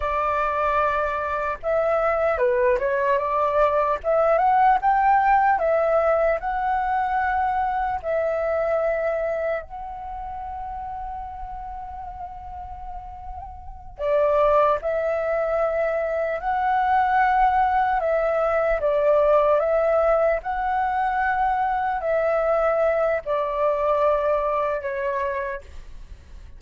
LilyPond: \new Staff \with { instrumentName = "flute" } { \time 4/4 \tempo 4 = 75 d''2 e''4 b'8 cis''8 | d''4 e''8 fis''8 g''4 e''4 | fis''2 e''2 | fis''1~ |
fis''4. d''4 e''4.~ | e''8 fis''2 e''4 d''8~ | d''8 e''4 fis''2 e''8~ | e''4 d''2 cis''4 | }